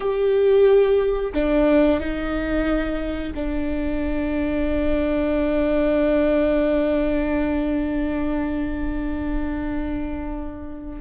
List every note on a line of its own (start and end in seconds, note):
0.00 1.32 G4
1.34 1.99 D4
1.99 3.33 D#4
3.35 11.00 D4